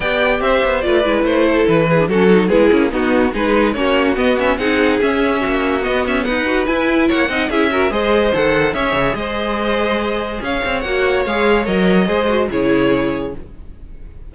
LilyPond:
<<
  \new Staff \with { instrumentName = "violin" } { \time 4/4 \tempo 4 = 144 g''4 e''4 d''4 c''4 | b'4 a'4 gis'4 fis'4 | b'4 cis''4 dis''8 e''8 fis''4 | e''2 dis''8 e''8 fis''4 |
gis''4 fis''4 e''4 dis''4 | fis''4 e''4 dis''2~ | dis''4 f''4 fis''4 f''4 | dis''2 cis''2 | }
  \new Staff \with { instrumentName = "violin" } { \time 4/4 d''4 c''4 b'4. a'8~ | a'8 gis'8 fis'4 b8 cis'8 dis'4 | gis'4 fis'2 gis'4~ | gis'4 fis'2 b'4~ |
b'4 cis''8 dis''8 gis'8 ais'8 c''4~ | c''4 cis''4 c''2~ | c''4 cis''2.~ | cis''4 c''4 gis'2 | }
  \new Staff \with { instrumentName = "viola" } { \time 4/4 g'2 f'8 e'4.~ | e'8. d'16 cis'8 dis'8 e'4 b4 | dis'4 cis'4 b8 cis'8 dis'4 | cis'2 b4. fis'8 |
e'4. dis'8 e'8 fis'8 gis'4 | a'4 gis'2.~ | gis'2 fis'4 gis'4 | ais'4 gis'8 fis'8 e'2 | }
  \new Staff \with { instrumentName = "cello" } { \time 4/4 b4 c'8 b8 a8 gis8 a4 | e4 fis4 gis8 ais8 b4 | gis4 ais4 b4 c'4 | cis'4 ais4 b8 cis'8 dis'4 |
e'4 ais8 c'8 cis'4 gis4 | dis4 cis'8 cis8 gis2~ | gis4 cis'8 c'8 ais4 gis4 | fis4 gis4 cis2 | }
>>